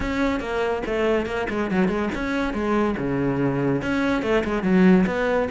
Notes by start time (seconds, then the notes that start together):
0.00 C#4
0.40 A#3
0.86 A3
1.26 A#3
1.49 G#3
1.70 F#3
1.88 G#3
2.14 C#4
2.53 G#3
2.97 C#3
3.82 C#4
4.22 A3
4.44 G#3
4.62 F#3
5.06 B3